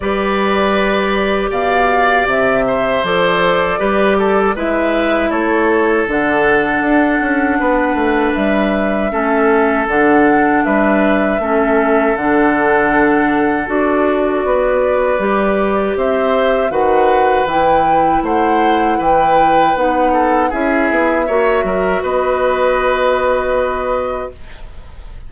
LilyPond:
<<
  \new Staff \with { instrumentName = "flute" } { \time 4/4 \tempo 4 = 79 d''2 f''4 e''4 | d''2 e''4 cis''4 | fis''2. e''4~ | e''4 fis''4 e''2 |
fis''2 d''2~ | d''4 e''4 fis''4 g''4 | fis''4 g''4 fis''4 e''4~ | e''4 dis''2. | }
  \new Staff \with { instrumentName = "oboe" } { \time 4/4 b'2 d''4. c''8~ | c''4 b'8 a'8 b'4 a'4~ | a'2 b'2 | a'2 b'4 a'4~ |
a'2. b'4~ | b'4 c''4 b'2 | c''4 b'4. a'8 gis'4 | cis''8 ais'8 b'2. | }
  \new Staff \with { instrumentName = "clarinet" } { \time 4/4 g'1 | a'4 g'4 e'2 | d'1 | cis'4 d'2 cis'4 |
d'2 fis'2 | g'2 fis'4 e'4~ | e'2 dis'4 e'4 | fis'1 | }
  \new Staff \with { instrumentName = "bassoon" } { \time 4/4 g2 b,4 c4 | f4 g4 gis4 a4 | d4 d'8 cis'8 b8 a8 g4 | a4 d4 g4 a4 |
d2 d'4 b4 | g4 c'4 dis4 e4 | a4 e4 b4 cis'8 b8 | ais8 fis8 b2. | }
>>